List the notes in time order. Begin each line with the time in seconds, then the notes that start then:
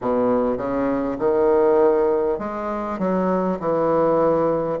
0.01 B2
0.57 C#3
1.18 D#3
2.38 G#3
2.98 F#3
3.59 E3